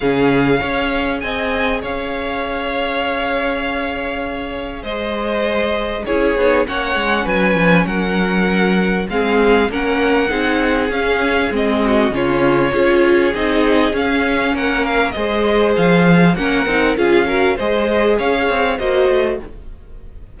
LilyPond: <<
  \new Staff \with { instrumentName = "violin" } { \time 4/4 \tempo 4 = 99 f''2 gis''4 f''4~ | f''1 | dis''2 cis''4 fis''4 | gis''4 fis''2 f''4 |
fis''2 f''4 dis''4 | cis''2 dis''4 f''4 | fis''8 f''8 dis''4 f''4 fis''4 | f''4 dis''4 f''4 dis''4 | }
  \new Staff \with { instrumentName = "violin" } { \time 4/4 gis'4 cis''4 dis''4 cis''4~ | cis''1 | c''2 gis'4 cis''4 | b'4 ais'2 gis'4 |
ais'4 gis'2~ gis'8 fis'8 | f'4 gis'2. | ais'4 c''2 ais'4 | gis'8 ais'8 c''4 cis''4 c''4 | }
  \new Staff \with { instrumentName = "viola" } { \time 4/4 cis'4 gis'2.~ | gis'1~ | gis'2 e'8 dis'8 cis'4~ | cis'2. c'4 |
cis'4 dis'4 cis'4 c'4 | cis'4 f'4 dis'4 cis'4~ | cis'4 gis'2 cis'8 dis'8 | f'8 fis'8 gis'2 fis'4 | }
  \new Staff \with { instrumentName = "cello" } { \time 4/4 cis4 cis'4 c'4 cis'4~ | cis'1 | gis2 cis'8 b8 ais8 gis8 | fis8 f8 fis2 gis4 |
ais4 c'4 cis'4 gis4 | cis4 cis'4 c'4 cis'4 | ais4 gis4 f4 ais8 c'8 | cis'4 gis4 cis'8 c'8 ais8 a8 | }
>>